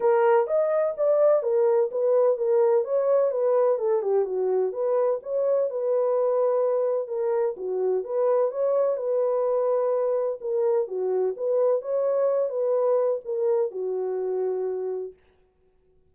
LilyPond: \new Staff \with { instrumentName = "horn" } { \time 4/4 \tempo 4 = 127 ais'4 dis''4 d''4 ais'4 | b'4 ais'4 cis''4 b'4 | a'8 g'8 fis'4 b'4 cis''4 | b'2. ais'4 |
fis'4 b'4 cis''4 b'4~ | b'2 ais'4 fis'4 | b'4 cis''4. b'4. | ais'4 fis'2. | }